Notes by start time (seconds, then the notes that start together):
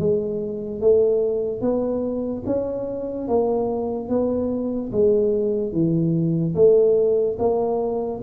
0.00 G#3
0.81 A3
1.61 B3
2.47 C#4
3.28 A#3
4.09 B3
4.92 G#3
5.73 E3
6.55 A3
7.39 A#3